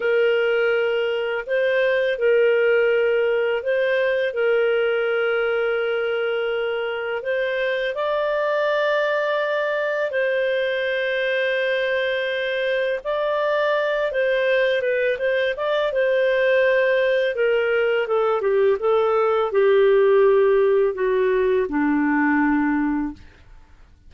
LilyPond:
\new Staff \with { instrumentName = "clarinet" } { \time 4/4 \tempo 4 = 83 ais'2 c''4 ais'4~ | ais'4 c''4 ais'2~ | ais'2 c''4 d''4~ | d''2 c''2~ |
c''2 d''4. c''8~ | c''8 b'8 c''8 d''8 c''2 | ais'4 a'8 g'8 a'4 g'4~ | g'4 fis'4 d'2 | }